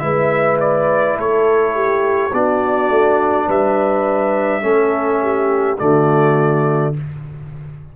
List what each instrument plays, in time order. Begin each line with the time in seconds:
0.00 tuba G#3, trombone E4, horn B4, trumpet E5
0.61 trumpet D5
1.17 tuba A3, horn A4, trumpet C#5
1.76 horn G4
2.32 tuba B3, trombone D4, horn F#4, trumpet D5
2.90 tuba A3
3.47 tuba G3, horn B4, trumpet E5
4.62 tuba A3, trombone C#4, horn A4
5.23 horn G4
5.79 tuba D3, trombone A3, horn F#4, trumpet D5